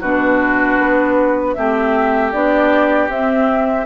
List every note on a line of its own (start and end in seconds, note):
0.00 0.78 B2
0.00 1.56 D4
0.00 1.54 F#4
0.00 1.54 B4
0.79 1.56 B3
1.54 2.33 A3
1.54 2.33 C4
1.54 3.85 G4
1.54 2.31 E5
2.32 3.08 B3
2.32 3.10 D4
2.32 3.09 D5
3.08 3.85 C4
3.08 3.85 E5